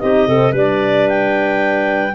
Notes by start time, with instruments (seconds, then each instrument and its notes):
0.00 tuba C4, horn D#4, clarinet G4 D#5
0.27 tuba C3, horn C4, clarinet A4
0.52 tuba G3, horn D4, clarinet B4 D5
1.09 clarinet G5